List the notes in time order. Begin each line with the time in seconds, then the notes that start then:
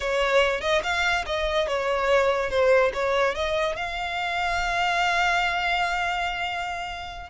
0.00 C#5
0.61 D#5
0.83 F5
1.26 D#5
1.67 C#5
2.49 C5
2.93 C#5
3.34 D#5
3.76 F5